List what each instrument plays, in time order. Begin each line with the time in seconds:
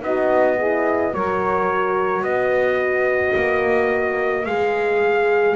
0.00 double bass B3, horn D#4, saxophone F#4, trumpet D#5
0.56 horn E4, saxophone G#4
1.12 double bass F#3, horn F#4, saxophone A#4, trumpet C#5
2.21 double bass B3, saxophone B4, trumpet D#5
3.35 double bass A#3
4.45 double bass G#3, horn G#4, trumpet F5